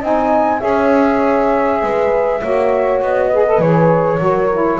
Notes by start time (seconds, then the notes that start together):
0.00 C4 D#4 D#5 G#5
0.60 C#4 G#4 C#5 E5
1.83 G#3 B4
2.42 A#3 F#4 C#5
3.02 B3 D#5
3.29 G#4 B4
3.47 A4
3.59 E3 G#4 C#5
4.20 F#3 F#4 A#4
4.53 E4